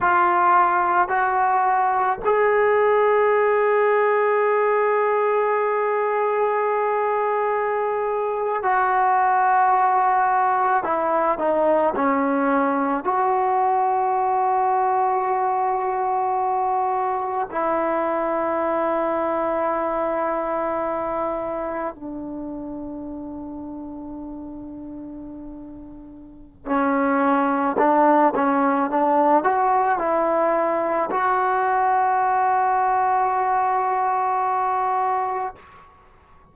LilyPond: \new Staff \with { instrumentName = "trombone" } { \time 4/4 \tempo 4 = 54 f'4 fis'4 gis'2~ | gis'2.~ gis'8. fis'16~ | fis'4.~ fis'16 e'8 dis'8 cis'4 fis'16~ | fis'2.~ fis'8. e'16~ |
e'2.~ e'8. d'16~ | d'1 | cis'4 d'8 cis'8 d'8 fis'8 e'4 | fis'1 | }